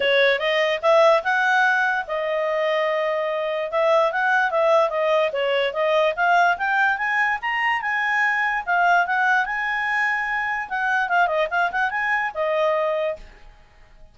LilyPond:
\new Staff \with { instrumentName = "clarinet" } { \time 4/4 \tempo 4 = 146 cis''4 dis''4 e''4 fis''4~ | fis''4 dis''2.~ | dis''4 e''4 fis''4 e''4 | dis''4 cis''4 dis''4 f''4 |
g''4 gis''4 ais''4 gis''4~ | gis''4 f''4 fis''4 gis''4~ | gis''2 fis''4 f''8 dis''8 | f''8 fis''8 gis''4 dis''2 | }